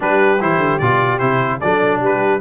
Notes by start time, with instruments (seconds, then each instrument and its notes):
0.00 tuba G3, trombone D4, horn G4, trumpet B4
0.40 tuba E3, trombone E4, trumpet C5
0.57 tuba D3
0.78 tuba B2, trombone F4, trumpet D5
1.18 tuba C3, trombone E4, trumpet C5
1.60 tuba F#3, trombone D4, horn A4, trumpet D5
1.99 tuba G3, horn G4, trumpet B4